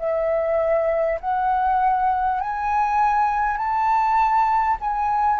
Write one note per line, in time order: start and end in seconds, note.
0.00 1.20 E5
1.21 2.41 F#5
2.41 3.58 G#5
3.58 4.78 A5
4.81 5.40 G#5